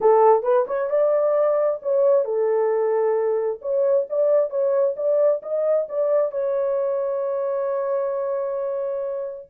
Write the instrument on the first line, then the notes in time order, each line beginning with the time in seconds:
horn
0.00 A4
0.42 B4
0.67 C#5
0.90 D5
1.82 C#5
2.24 A4
3.61 C#5
4.09 D5
4.49 C#5
4.96 D5
5.42 D#5
5.89 D5
6.31 C#5